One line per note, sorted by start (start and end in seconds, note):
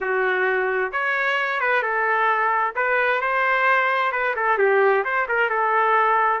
0.00 0.92 F#4
0.92 1.60 C#5
1.60 1.82 B4
1.82 2.74 A4
2.75 3.21 B4
3.21 4.12 C5
4.12 4.34 B4
4.36 4.58 A4
4.58 5.03 G4
5.04 5.27 C5
5.28 5.49 A#4
5.49 6.40 A4